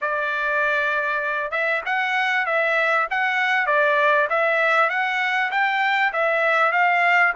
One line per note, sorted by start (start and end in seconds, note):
0.01 1.51 D5
1.51 1.81 E5
1.85 2.46 F#5
2.46 3.07 E5
3.10 3.66 F#5
3.66 4.27 D5
4.29 4.89 E5
4.89 5.50 F#5
5.51 6.12 G5
6.12 6.72 E5
6.72 7.33 F5